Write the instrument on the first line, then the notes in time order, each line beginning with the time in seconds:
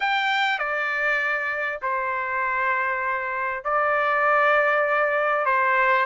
trumpet
0.00 G5
0.58 D5
1.82 C5
3.64 D5
5.45 C5